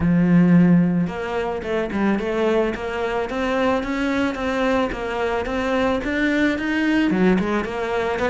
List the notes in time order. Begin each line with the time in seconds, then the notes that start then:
0.00 F3
1.07 A#3
1.62 A3
1.92 G3
2.19 A3
2.74 A#3
3.29 C4
3.83 C#4
4.35 C4
4.92 A#3
5.45 C4
6.03 D4
6.58 D#4
7.10 F#3
7.39 G#3
7.64 A#3
8.19 B3